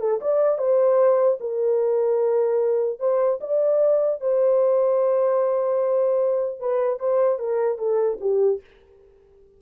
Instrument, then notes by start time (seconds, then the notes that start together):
horn
0.00 A4
0.21 D5
0.58 C5
1.40 A#4
2.99 C5
3.41 D5
4.21 C5
6.60 B4
6.99 C5
7.39 A#4
7.78 A4
8.21 G4